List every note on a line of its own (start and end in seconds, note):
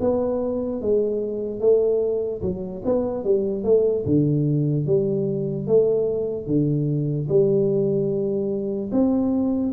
0.00 0.81 B3
0.81 1.60 G#3
1.60 2.41 A3
2.41 2.82 F#3
2.85 3.24 B3
3.24 3.64 G3
3.64 4.04 A3
4.05 4.86 D3
4.86 5.67 G3
5.67 6.46 A3
6.46 7.27 D3
7.28 8.90 G3
8.92 9.72 C4